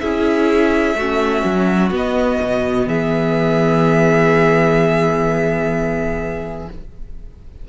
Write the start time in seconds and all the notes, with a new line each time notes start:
0.00 C#4 E4 G#4 E5
0.95 A3 F#4
1.01 C#4
1.45 F#3
1.91 B3 D#5
2.42 B2
2.87 E3 G#4 E5